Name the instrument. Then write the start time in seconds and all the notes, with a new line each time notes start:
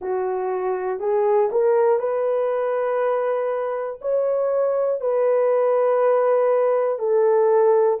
horn
0.01 F#4
1.00 G#4
1.51 A#4
1.99 B4
4.01 C#5
5.00 B4
6.98 A4